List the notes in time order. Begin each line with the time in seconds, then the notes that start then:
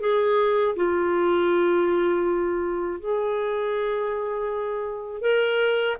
0.00 G#4
0.75 F4
2.99 G#4
5.21 A#4